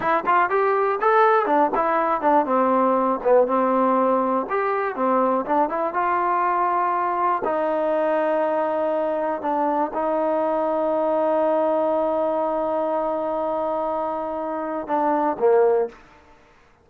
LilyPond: \new Staff \with { instrumentName = "trombone" } { \time 4/4 \tempo 4 = 121 e'8 f'8 g'4 a'4 d'8 e'8~ | e'8 d'8 c'4. b8 c'4~ | c'4 g'4 c'4 d'8 e'8 | f'2. dis'4~ |
dis'2. d'4 | dis'1~ | dis'1~ | dis'2 d'4 ais4 | }